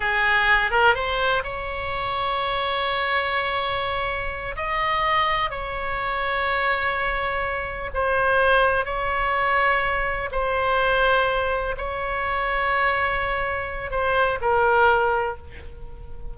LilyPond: \new Staff \with { instrumentName = "oboe" } { \time 4/4 \tempo 4 = 125 gis'4. ais'8 c''4 cis''4~ | cis''1~ | cis''4. dis''2 cis''8~ | cis''1~ |
cis''8 c''2 cis''4.~ | cis''4. c''2~ c''8~ | c''8 cis''2.~ cis''8~ | cis''4 c''4 ais'2 | }